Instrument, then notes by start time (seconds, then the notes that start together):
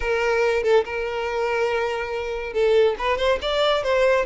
violin
0.00 A#4
0.63 A4
0.85 A#4
2.53 A4
2.98 B4
3.17 C5
3.41 D5
3.83 C5